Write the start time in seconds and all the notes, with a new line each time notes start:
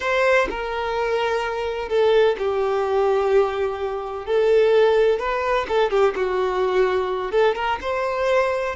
0.00 C5
0.50 A#4
1.88 A4
2.38 G4
4.25 A4
5.19 B4
5.68 A4
5.90 G4
6.15 F#4
7.31 A4
7.55 A#4
7.81 C5